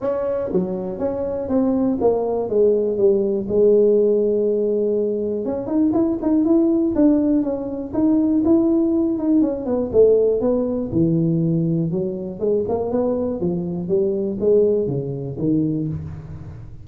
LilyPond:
\new Staff \with { instrumentName = "tuba" } { \time 4/4 \tempo 4 = 121 cis'4 fis4 cis'4 c'4 | ais4 gis4 g4 gis4~ | gis2. cis'8 dis'8 | e'8 dis'8 e'4 d'4 cis'4 |
dis'4 e'4. dis'8 cis'8 b8 | a4 b4 e2 | fis4 gis8 ais8 b4 f4 | g4 gis4 cis4 dis4 | }